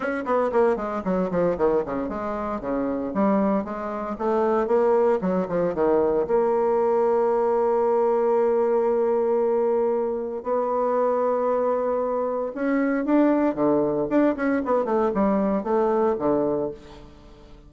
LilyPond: \new Staff \with { instrumentName = "bassoon" } { \time 4/4 \tempo 4 = 115 cis'8 b8 ais8 gis8 fis8 f8 dis8 cis8 | gis4 cis4 g4 gis4 | a4 ais4 fis8 f8 dis4 | ais1~ |
ais1 | b1 | cis'4 d'4 d4 d'8 cis'8 | b8 a8 g4 a4 d4 | }